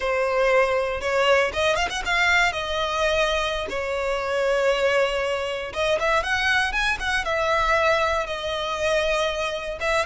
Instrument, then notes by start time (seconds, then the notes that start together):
violin
0.00 C5
1.01 C#5
1.53 D#5
1.75 F5
1.89 F#5
2.05 F5
2.52 D#5
3.69 C#5
5.73 D#5
5.99 E5
6.23 F#5
6.72 G#5
6.99 F#5
7.25 E5
8.26 D#5
9.80 E5